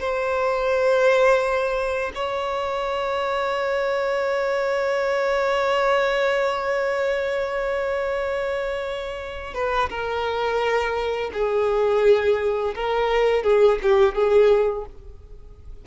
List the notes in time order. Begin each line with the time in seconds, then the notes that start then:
0.00 C5
2.15 C#5
9.54 B4
9.90 A#4
11.33 G#4
12.75 A#4
13.43 G#4
13.83 G4
14.15 G#4